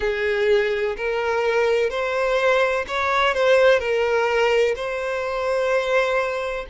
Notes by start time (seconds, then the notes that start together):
0.00 G#4
0.96 A#4
1.90 C5
2.87 C#5
3.33 C5
3.79 A#4
4.75 C5